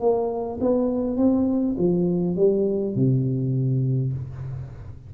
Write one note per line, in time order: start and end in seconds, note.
0.00 0.59 A#3
0.60 1.17 B3
1.17 1.75 C4
1.78 2.36 F3
2.36 2.95 G3
2.95 4.13 C3